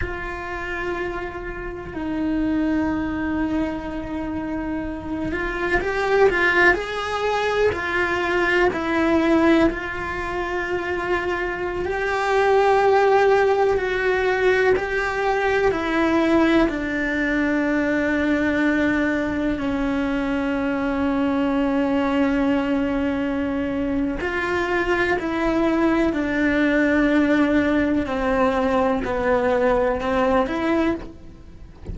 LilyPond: \new Staff \with { instrumentName = "cello" } { \time 4/4 \tempo 4 = 62 f'2 dis'2~ | dis'4. f'8 g'8 f'8 gis'4 | f'4 e'4 f'2~ | f'16 g'2 fis'4 g'8.~ |
g'16 e'4 d'2~ d'8.~ | d'16 cis'2.~ cis'8.~ | cis'4 f'4 e'4 d'4~ | d'4 c'4 b4 c'8 e'8 | }